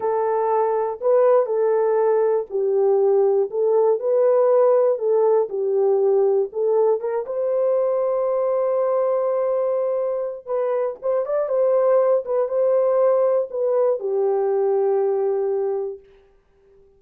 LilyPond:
\new Staff \with { instrumentName = "horn" } { \time 4/4 \tempo 4 = 120 a'2 b'4 a'4~ | a'4 g'2 a'4 | b'2 a'4 g'4~ | g'4 a'4 ais'8 c''4.~ |
c''1~ | c''4 b'4 c''8 d''8 c''4~ | c''8 b'8 c''2 b'4 | g'1 | }